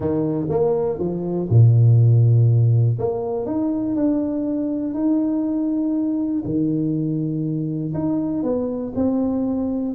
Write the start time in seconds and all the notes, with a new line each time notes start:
0.00 D#3
0.49 A#3
0.98 F3
1.49 A#2
2.98 A#3
3.46 D#4
3.95 D4
4.94 D#4
6.44 D#3
7.94 D#4
8.43 B3
8.95 C4